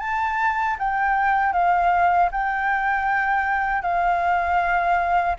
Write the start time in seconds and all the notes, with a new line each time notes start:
0.00 A5
0.79 G5
1.53 F5
2.32 G5
3.82 F5